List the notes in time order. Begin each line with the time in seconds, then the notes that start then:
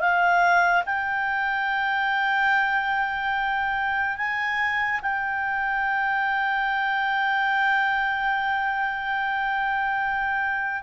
0.00 F5
0.86 G5
4.17 G#5
5.02 G5